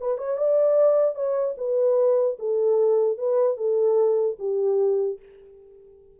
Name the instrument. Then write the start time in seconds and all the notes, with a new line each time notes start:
horn
0.00 B4
0.18 C#5
0.37 D5
1.15 C#5
1.57 B4
2.39 A4
3.17 B4
3.57 A4
4.39 G4